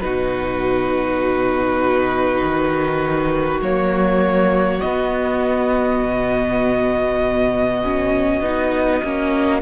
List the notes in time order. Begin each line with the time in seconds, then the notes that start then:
0.00 B2 D#4 F#4 B4
2.40 D#3
3.60 F#3 A#3 C#5
4.80 B3 D#5
6.02 B2
7.83 C#4
8.40 B3 D#4
9.03 A#3 C#4